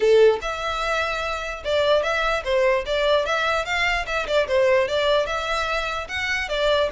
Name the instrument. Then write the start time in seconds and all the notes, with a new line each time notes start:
violin
0.00 A4
0.41 E5
1.64 D5
2.03 E5
2.44 C5
2.86 D5
3.25 E5
3.65 F5
4.06 E5
4.27 D5
4.47 C5
4.87 D5
5.26 E5
6.08 F#5
6.48 D5